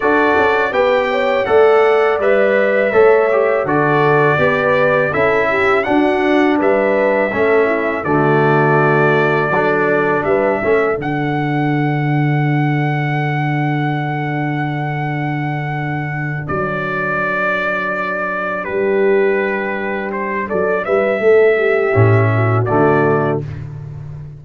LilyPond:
<<
  \new Staff \with { instrumentName = "trumpet" } { \time 4/4 \tempo 4 = 82 d''4 g''4 fis''4 e''4~ | e''4 d''2 e''4 | fis''4 e''2 d''4~ | d''2 e''4 fis''4~ |
fis''1~ | fis''2~ fis''8 d''4.~ | d''4. b'2 c''8 | d''8 e''2~ e''8 d''4 | }
  \new Staff \with { instrumentName = "horn" } { \time 4/4 a'4 b'8 cis''8 d''2 | cis''4 a'4 b'4 a'8 g'8 | fis'4 b'4 a'8 e'8 fis'4~ | fis'4 a'4 b'8 a'4.~ |
a'1~ | a'1~ | a'4. g'2~ g'8 | a'8 b'8 a'8 g'4 fis'4. | }
  \new Staff \with { instrumentName = "trombone" } { \time 4/4 fis'4 g'4 a'4 b'4 | a'8 g'8 fis'4 g'4 e'4 | d'2 cis'4 a4~ | a4 d'4. cis'8 d'4~ |
d'1~ | d'1~ | d'1~ | d'2 cis'4 a4 | }
  \new Staff \with { instrumentName = "tuba" } { \time 4/4 d'8 cis'8 b4 a4 g4 | a4 d4 b4 cis'4 | d'4 g4 a4 d4~ | d4 fis4 g8 a8 d4~ |
d1~ | d2~ d8 fis4.~ | fis4. g2~ g8 | fis8 g8 a4 a,4 d4 | }
>>